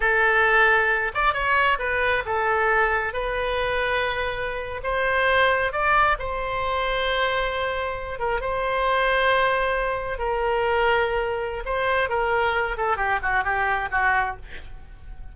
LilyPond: \new Staff \with { instrumentName = "oboe" } { \time 4/4 \tempo 4 = 134 a'2~ a'8 d''8 cis''4 | b'4 a'2 b'4~ | b'2~ b'8. c''4~ c''16~ | c''8. d''4 c''2~ c''16~ |
c''2~ c''16 ais'8 c''4~ c''16~ | c''2~ c''8. ais'4~ ais'16~ | ais'2 c''4 ais'4~ | ais'8 a'8 g'8 fis'8 g'4 fis'4 | }